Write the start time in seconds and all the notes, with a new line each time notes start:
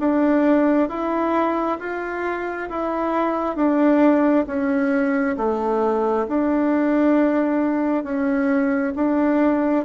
0.00 D4
0.89 E4
1.80 F4
2.70 E4
3.56 D4
4.47 C#4
5.38 A3
6.28 D4
8.04 C#4
8.96 D4